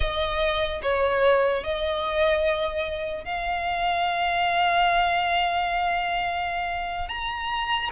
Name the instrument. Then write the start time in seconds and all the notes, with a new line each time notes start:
violin
0.00 D#5
0.82 C#5
1.63 D#5
3.24 F5
7.08 A#5